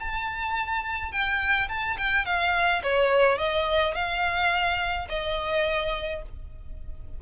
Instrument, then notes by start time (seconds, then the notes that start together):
violin
0.00 A5
1.12 G5
1.69 A5
1.98 G5
2.26 F5
2.83 C#5
3.38 D#5
3.95 F5
5.09 D#5